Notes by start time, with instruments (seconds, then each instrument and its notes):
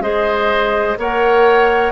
0.00 bassoon G#3, clarinet G#4, oboe C5, flute D#5
0.97 bassoon A#3, clarinet A#4, oboe C#5, flute F#5